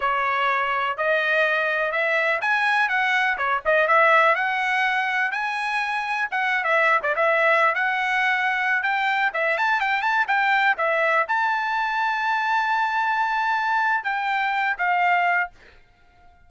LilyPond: \new Staff \with { instrumentName = "trumpet" } { \time 4/4 \tempo 4 = 124 cis''2 dis''2 | e''4 gis''4 fis''4 cis''8 dis''8 | e''4 fis''2 gis''4~ | gis''4 fis''8. e''8. d''16 e''4~ e''16 |
fis''2~ fis''16 g''4 e''8 a''16~ | a''16 g''8 a''8 g''4 e''4 a''8.~ | a''1~ | a''4 g''4. f''4. | }